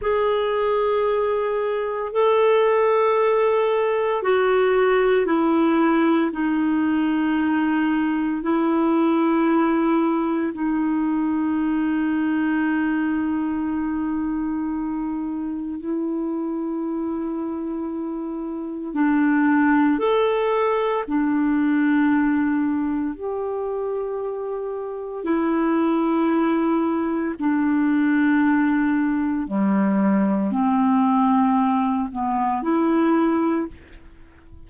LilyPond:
\new Staff \with { instrumentName = "clarinet" } { \time 4/4 \tempo 4 = 57 gis'2 a'2 | fis'4 e'4 dis'2 | e'2 dis'2~ | dis'2. e'4~ |
e'2 d'4 a'4 | d'2 g'2 | e'2 d'2 | g4 c'4. b8 e'4 | }